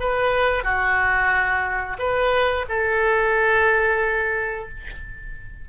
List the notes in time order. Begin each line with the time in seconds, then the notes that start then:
0.00 B4
0.64 F#4
1.99 B4
2.68 A4